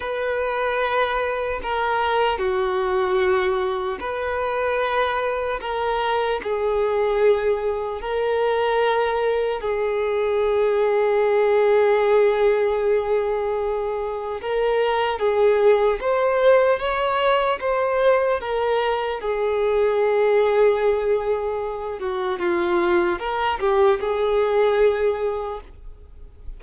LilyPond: \new Staff \with { instrumentName = "violin" } { \time 4/4 \tempo 4 = 75 b'2 ais'4 fis'4~ | fis'4 b'2 ais'4 | gis'2 ais'2 | gis'1~ |
gis'2 ais'4 gis'4 | c''4 cis''4 c''4 ais'4 | gis'2.~ gis'8 fis'8 | f'4 ais'8 g'8 gis'2 | }